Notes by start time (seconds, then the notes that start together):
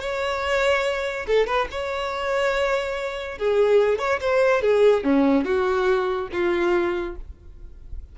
0.00 C#5
1.27 A4
1.46 B4
1.71 C#5
3.38 G#4
3.98 C#5
4.20 C5
4.62 G#4
5.04 C#4
5.45 F#4
6.32 F4